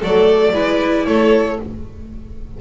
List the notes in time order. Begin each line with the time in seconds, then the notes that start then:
0.00 F#3 A3 A4 D5
0.53 G#3 E4 B4
1.06 A3 A4 C#5